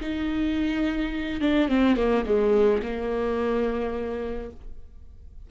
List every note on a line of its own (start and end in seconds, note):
0.00 1.40 D#4
1.40 1.68 D4
1.68 1.96 C4
1.96 2.24 A#3
2.25 2.81 G#3
2.82 4.50 A#3